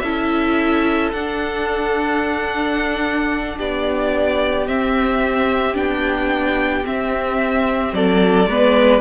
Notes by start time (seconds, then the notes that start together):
0.00 C#4 E4 A4 E5
1.12 D4 F#5
3.57 B3 G4 D5
4.67 C4 E5
5.74 B3 D4 G5
6.85 C4 E5
7.93 F#3 A4 D5
8.46 G#3 B3 B4